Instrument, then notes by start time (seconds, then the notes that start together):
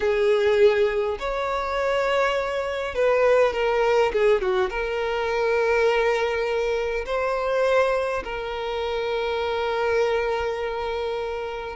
violin
0.00 G#4
1.19 C#5
2.94 B4
3.53 A#4
4.12 G#4
4.41 F#4
4.70 A#4
7.05 C5
8.24 A#4